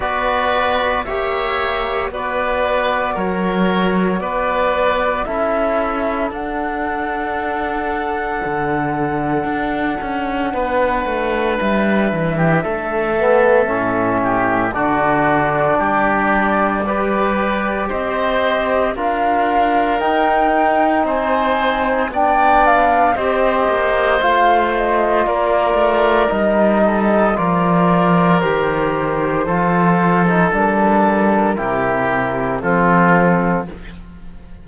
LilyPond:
<<
  \new Staff \with { instrumentName = "flute" } { \time 4/4 \tempo 4 = 57 d''4 e''4 d''4 cis''4 | d''4 e''4 fis''2~ | fis''2. e''4~ | e''2 d''2~ |
d''4 dis''4 f''4 g''4 | gis''4 g''8 f''8 dis''4 f''8 dis''8 | d''4 dis''4 d''4 c''4~ | c''4 ais'2 a'4 | }
  \new Staff \with { instrumentName = "oboe" } { \time 4/4 b'4 cis''4 b'4 ais'4 | b'4 a'2.~ | a'2 b'4.~ b'16 g'16 | a'4. g'8 fis'4 g'4 |
b'4 c''4 ais'2 | c''4 d''4 c''2 | ais'4. a'8 ais'2 | a'2 g'4 f'4 | }
  \new Staff \with { instrumentName = "trombone" } { \time 4/4 fis'4 g'4 fis'2~ | fis'4 e'4 d'2~ | d'1~ | d'8 b8 cis'4 d'2 |
g'2 f'4 dis'4~ | dis'4 d'4 g'4 f'4~ | f'4 dis'4 f'4 g'4 | f'8. dis'16 d'4 e'4 c'4 | }
  \new Staff \with { instrumentName = "cello" } { \time 4/4 b4 ais4 b4 fis4 | b4 cis'4 d'2 | d4 d'8 cis'8 b8 a8 g8 e8 | a4 a,4 d4 g4~ |
g4 c'4 d'4 dis'4 | c'4 b4 c'8 ais8 a4 | ais8 a8 g4 f4 dis4 | f4 g4 c4 f4 | }
>>